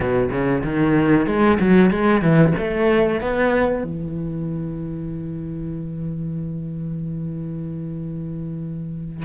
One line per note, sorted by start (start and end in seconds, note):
0.00 0.30 B2
0.30 0.62 C#3
0.63 1.26 D#3
1.26 1.58 G#3
1.59 1.90 F#3
1.90 2.21 G#3
2.21 2.53 E3
2.58 3.20 A3
3.20 3.83 B3
3.83 9.25 E3